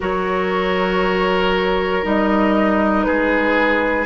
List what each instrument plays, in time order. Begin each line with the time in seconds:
0.00 bassoon F#3, clarinet F#4, oboe A#4, flute C#5
2.02 bassoon G3, clarinet D#4, flute D#5
3.03 bassoon G#3, oboe G#4, flute B4